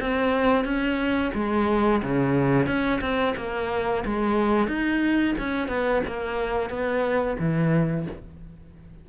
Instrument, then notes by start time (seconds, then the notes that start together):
cello
0.00 C4
0.64 C#4
1.34 G#3
2.03 C#3
2.67 C#4
3.01 C4
3.36 A#3
4.05 G#3
4.67 D#4
5.38 C#4
5.68 B3
6.07 A#3
6.70 B3
7.39 E3